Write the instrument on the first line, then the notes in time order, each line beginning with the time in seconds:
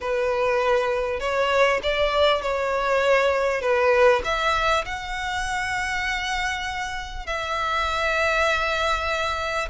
violin
0.01 B4
1.20 C#5
1.82 D5
2.42 C#5
3.61 B4
4.24 E5
4.85 F#5
7.26 E5